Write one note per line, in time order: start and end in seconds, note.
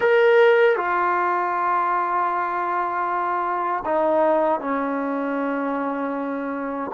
0.00 0.76 A#4
0.76 3.84 F4
3.85 4.60 D#4
4.60 6.91 C#4